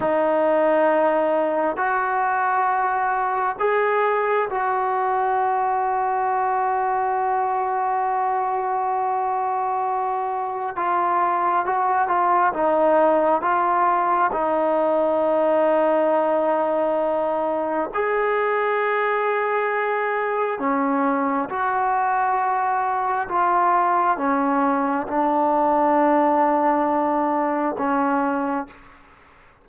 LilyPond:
\new Staff \with { instrumentName = "trombone" } { \time 4/4 \tempo 4 = 67 dis'2 fis'2 | gis'4 fis'2.~ | fis'1 | f'4 fis'8 f'8 dis'4 f'4 |
dis'1 | gis'2. cis'4 | fis'2 f'4 cis'4 | d'2. cis'4 | }